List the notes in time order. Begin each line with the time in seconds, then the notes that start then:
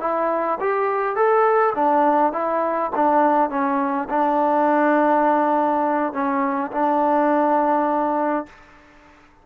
0.00 E4
0.60 G4
1.15 A4
1.75 D4
2.32 E4
2.95 D4
3.50 C#4
4.09 D4
6.12 C#4
6.71 D4